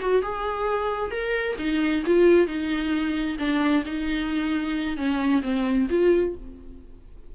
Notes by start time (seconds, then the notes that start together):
0.00 F#4
0.22 G#4
1.11 A#4
1.58 D#4
2.06 F4
2.47 D#4
3.38 D4
3.85 D#4
4.97 C#4
5.42 C4
5.90 F4